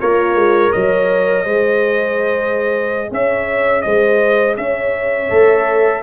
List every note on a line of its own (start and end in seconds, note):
0.00 0.35 A#3
0.00 0.72 F4
0.00 1.46 A#4
0.00 0.72 C#5
0.35 0.72 G#3
0.72 1.46 F#3
0.72 1.45 C#5
0.72 3.10 D#5
1.45 3.10 G#3
1.45 5.30 G#4
1.45 3.09 C5
3.10 3.84 C#4
3.10 3.83 C#5
3.10 3.82 E5
3.82 4.58 G#3
3.82 4.57 C5
3.82 4.55 D#5
4.57 5.31 C#4
4.57 6.03 C#5
4.57 6.03 E5
5.30 6.03 A3
5.30 6.03 A4